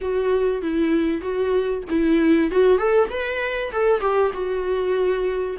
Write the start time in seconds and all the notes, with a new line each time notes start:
0.01 F#4
0.62 E4
1.21 F#4
1.89 E4
2.51 F#4
2.78 A4
3.09 B4
3.71 A4
4.00 G4
4.33 F#4